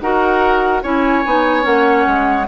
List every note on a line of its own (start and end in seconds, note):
0.00 0.83 D#4
0.00 0.83 F#4
0.00 0.83 A#4
0.00 0.82 F#5
0.83 1.24 C#4
0.83 1.24 E4
0.83 2.47 C#5
0.83 1.65 G#5
1.25 1.65 B3
1.25 1.62 D#4
1.62 2.06 A#3
1.62 2.44 C#4
1.62 2.47 F#5
2.07 2.47 G#3